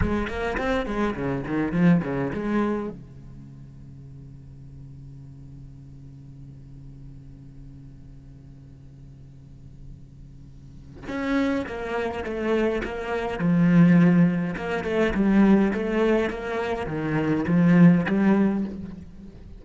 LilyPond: \new Staff \with { instrumentName = "cello" } { \time 4/4 \tempo 4 = 103 gis8 ais8 c'8 gis8 cis8 dis8 f8 cis8 | gis4 cis2.~ | cis1~ | cis1~ |
cis2. cis'4 | ais4 a4 ais4 f4~ | f4 ais8 a8 g4 a4 | ais4 dis4 f4 g4 | }